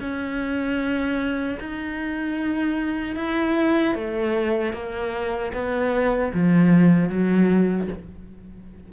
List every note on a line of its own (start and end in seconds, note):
0.00 1.58 C#4
1.60 3.16 D#4
3.16 3.95 E4
3.95 4.73 A3
4.73 5.52 A#3
5.53 6.32 B3
6.34 7.09 F3
7.09 7.88 F#3